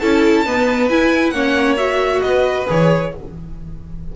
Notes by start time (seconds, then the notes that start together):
0.00 C#4 E4 A4 A5
0.46 B3 D#4 B4
0.90 E4 G#5
1.31 A#3 C#4 C#5 F#5
1.77 F#4 E5
2.22 B3 B4 D#5
2.67 E3 G#4 C#5